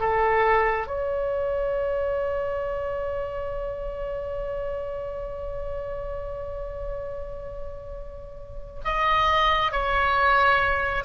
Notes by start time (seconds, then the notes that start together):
0.00 A4
0.87 C#5
8.85 D#5
9.72 C#5